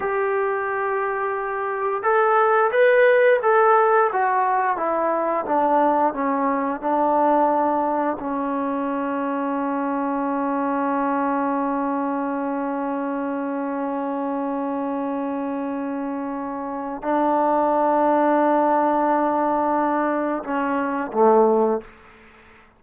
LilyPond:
\new Staff \with { instrumentName = "trombone" } { \time 4/4 \tempo 4 = 88 g'2. a'4 | b'4 a'4 fis'4 e'4 | d'4 cis'4 d'2 | cis'1~ |
cis'1~ | cis'1~ | cis'4 d'2.~ | d'2 cis'4 a4 | }